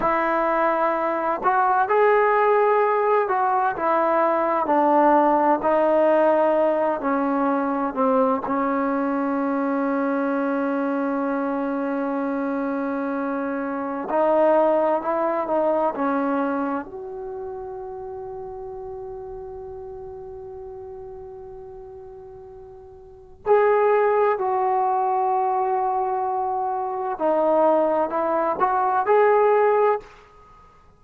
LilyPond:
\new Staff \with { instrumentName = "trombone" } { \time 4/4 \tempo 4 = 64 e'4. fis'8 gis'4. fis'8 | e'4 d'4 dis'4. cis'8~ | cis'8 c'8 cis'2.~ | cis'2. dis'4 |
e'8 dis'8 cis'4 fis'2~ | fis'1~ | fis'4 gis'4 fis'2~ | fis'4 dis'4 e'8 fis'8 gis'4 | }